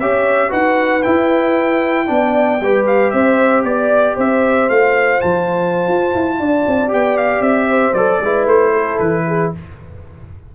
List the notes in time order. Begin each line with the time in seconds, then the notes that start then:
0.00 C#4 G4 C#5 E5
0.49 D#4 F#4 B4 F#5
1.03 E4 G5
2.07 B3 D4 D5
2.61 G3 G4 B4
2.87 F5
3.11 C4 C5 E5
3.65 B3 D5
4.16 C4 C5 E5
4.70 A3 F4 F5
5.21 F3 A5
5.88 F4
6.15 E4
6.40 D4 D5
6.67 C4
6.88 B3 G4 G5
7.17 F5
7.41 C4 E5
7.70 C5
7.94 F#3 A4 D5
8.21 G#3 E4 B4
8.46 A3 C5
8.73 A4
8.99 E3 B4
9.27 G#4